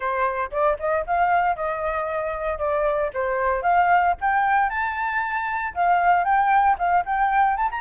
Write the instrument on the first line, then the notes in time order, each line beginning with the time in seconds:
flute
0.00 C5
0.51 D5
0.79 D#5
1.06 F5
1.56 D#5
2.58 D5
3.13 C5
3.62 F5
4.20 G5
4.69 A5
5.74 F5
6.24 G5
6.78 F5
7.05 G5
7.56 A5
7.71 A#5